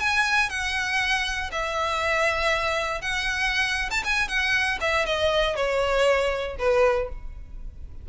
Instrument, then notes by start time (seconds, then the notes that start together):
violin
0.00 G#5
0.50 F#5
1.52 E5
3.02 F#5
3.91 A5
4.05 G#5
4.29 F#5
4.81 E5
5.06 D#5
5.56 C#5
6.59 B4